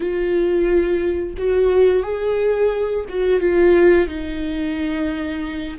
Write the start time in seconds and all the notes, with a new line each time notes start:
0.00 F4
1.37 F#4
2.03 G#4
3.08 F#4
3.40 F4
4.07 D#4